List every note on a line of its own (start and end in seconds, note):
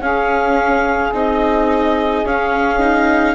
0.00 1.11 C#4
0.00 1.12 C#4
0.00 3.35 G#4
0.00 1.13 F5
1.13 2.24 C4
1.13 2.25 D#4
1.13 2.26 D#5
2.24 3.35 C#4
2.24 2.79 C#4
2.24 3.35 F5
2.79 3.35 D#4